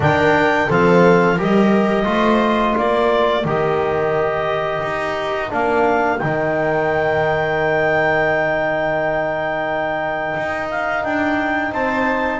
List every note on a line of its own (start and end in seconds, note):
0.00 0.68 D#3
0.00 0.68 D4
0.00 0.67 A#4
0.00 0.71 G5
0.67 1.38 F3
0.67 1.37 C4
0.67 1.36 A4
0.67 1.40 F5
1.36 2.05 G3
1.36 2.04 G4
1.36 2.05 A#4
1.36 2.77 D#5
2.04 2.74 A3
2.04 3.42 F4
2.04 2.75 C5
2.75 3.44 A#3
2.75 11.72 A#4
2.75 3.46 D5
3.44 4.82 D#3
3.44 5.49 G4
3.44 5.52 D#5
4.82 5.51 D#4
5.49 6.22 A#3
5.49 6.18 D4
5.49 6.18 F5
6.18 10.36 D#3
6.18 12.39 D#4
6.18 10.67 G5
10.36 11.04 D#4
10.70 11.03 F5
11.03 11.71 D4
11.03 11.72 G5
11.71 12.39 C4
11.71 12.39 C5
11.71 12.39 A5